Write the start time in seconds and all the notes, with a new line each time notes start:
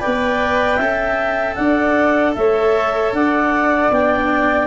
0.00 B3 B4 D5 G5
0.76 C#4 A4 E5
1.55 D4 D5 F#5
2.35 A3 C#5 E5
3.13 D4 D5 F#5
3.91 B3 D4 G5